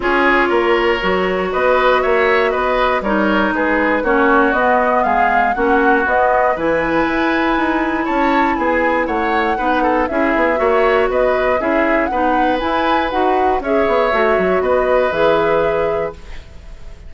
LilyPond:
<<
  \new Staff \with { instrumentName = "flute" } { \time 4/4 \tempo 4 = 119 cis''2. dis''4 | e''4 dis''4 cis''4 b'4 | cis''4 dis''4 f''4 fis''4 | dis''4 gis''2. |
a''4 gis''4 fis''2 | e''2 dis''4 e''4 | fis''4 gis''4 fis''4 e''4~ | e''4 dis''4 e''2 | }
  \new Staff \with { instrumentName = "oboe" } { \time 4/4 gis'4 ais'2 b'4 | cis''4 b'4 ais'4 gis'4 | fis'2 gis'4 fis'4~ | fis'4 b'2. |
cis''4 gis'4 cis''4 b'8 a'8 | gis'4 cis''4 b'4 gis'4 | b'2. cis''4~ | cis''4 b'2. | }
  \new Staff \with { instrumentName = "clarinet" } { \time 4/4 f'2 fis'2~ | fis'2 dis'2 | cis'4 b2 cis'4 | b4 e'2.~ |
e'2. dis'4 | e'4 fis'2 e'4 | dis'4 e'4 fis'4 gis'4 | fis'2 gis'2 | }
  \new Staff \with { instrumentName = "bassoon" } { \time 4/4 cis'4 ais4 fis4 b4 | ais4 b4 g4 gis4 | ais4 b4 gis4 ais4 | b4 e4 e'4 dis'4 |
cis'4 b4 a4 b4 | cis'8 b8 ais4 b4 cis'4 | b4 e'4 dis'4 cis'8 b8 | a8 fis8 b4 e2 | }
>>